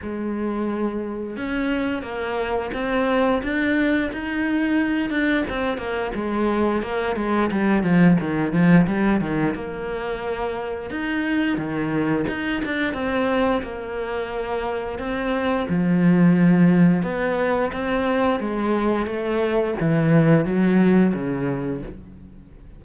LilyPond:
\new Staff \with { instrumentName = "cello" } { \time 4/4 \tempo 4 = 88 gis2 cis'4 ais4 | c'4 d'4 dis'4. d'8 | c'8 ais8 gis4 ais8 gis8 g8 f8 | dis8 f8 g8 dis8 ais2 |
dis'4 dis4 dis'8 d'8 c'4 | ais2 c'4 f4~ | f4 b4 c'4 gis4 | a4 e4 fis4 cis4 | }